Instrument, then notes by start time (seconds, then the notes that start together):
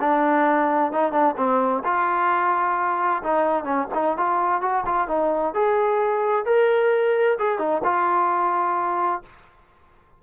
trombone
0.00 D4
0.92 D#4
1.12 D4
1.37 C4
1.84 F4
3.23 D#4
3.64 C#4
3.94 D#4
4.17 F4
4.61 F#4
4.86 F4
5.08 D#4
5.54 G#4
6.45 A#4
7.39 G#4
7.58 D#4
7.84 F4